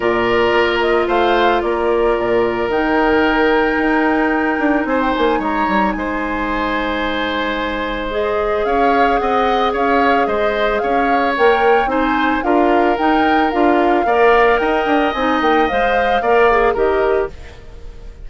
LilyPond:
<<
  \new Staff \with { instrumentName = "flute" } { \time 4/4 \tempo 4 = 111 d''4. dis''8 f''4 d''4~ | d''4 g''2.~ | g''4 gis''16 g''16 gis''8 ais''4 gis''4~ | gis''2. dis''4 |
f''4 fis''4 f''4 dis''4 | f''4 g''4 gis''4 f''4 | g''4 f''2 g''4 | gis''8 g''8 f''2 dis''4 | }
  \new Staff \with { instrumentName = "oboe" } { \time 4/4 ais'2 c''4 ais'4~ | ais'1~ | ais'4 c''4 cis''4 c''4~ | c''1 |
cis''4 dis''4 cis''4 c''4 | cis''2 c''4 ais'4~ | ais'2 d''4 dis''4~ | dis''2 d''4 ais'4 | }
  \new Staff \with { instrumentName = "clarinet" } { \time 4/4 f'1~ | f'4 dis'2.~ | dis'1~ | dis'2. gis'4~ |
gis'1~ | gis'4 ais'4 dis'4 f'4 | dis'4 f'4 ais'2 | dis'4 c''4 ais'8 gis'8 g'4 | }
  \new Staff \with { instrumentName = "bassoon" } { \time 4/4 ais,4 ais4 a4 ais4 | ais,4 dis2 dis'4~ | dis'8 d'8 c'8 ais8 gis8 g8 gis4~ | gis1 |
cis'4 c'4 cis'4 gis4 | cis'4 ais4 c'4 d'4 | dis'4 d'4 ais4 dis'8 d'8 | c'8 ais8 gis4 ais4 dis4 | }
>>